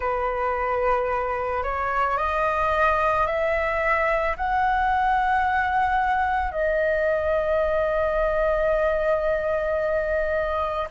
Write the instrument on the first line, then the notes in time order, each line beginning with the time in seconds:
flute
0.00 B4
1.63 C#5
2.17 D#5
3.26 E5
4.36 F#5
6.52 D#5